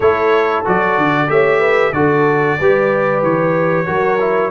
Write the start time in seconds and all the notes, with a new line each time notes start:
0.00 A3 E4 A4 C#5
0.64 F#3 F#4 D5
0.97 D3
1.27 A3 G4 C#5 E5
1.60 B4
1.92 D3 F#4 A4 D5
2.59 G3 G4 B4
3.22 E3 C#5
3.86 F#3 F#4 A#4
4.19 E4